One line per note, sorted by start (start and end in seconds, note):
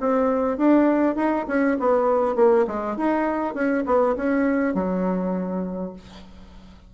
0.00 0.58 C4
0.58 1.16 D4
1.16 1.46 D#4
1.48 1.77 C#4
1.80 2.36 B3
2.36 2.65 A#3
2.67 2.97 G#3
2.97 3.54 D#4
3.54 3.84 C#4
3.86 4.16 B3
4.16 4.74 C#4
4.74 5.93 F#3